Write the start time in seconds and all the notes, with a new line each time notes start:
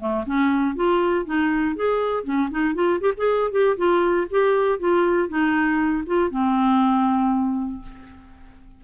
0.00 A3
0.26 C#4
0.76 F4
1.26 D#4
1.76 G#4
2.24 C#4
2.51 D#4
2.75 F4
3.01 G4
3.17 G#4
3.52 G4
3.77 F4
4.31 G4
4.79 F4
5.29 D#4
6.07 F4
6.31 C4